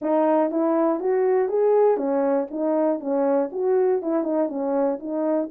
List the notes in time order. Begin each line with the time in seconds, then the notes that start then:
0.01 D#4
0.50 E4
1.00 F#4
1.48 G#4
1.97 C#4
2.50 D#4
3.00 C#4
3.52 F#4
4.02 E4
4.23 D#4
4.48 C#4
4.99 D#4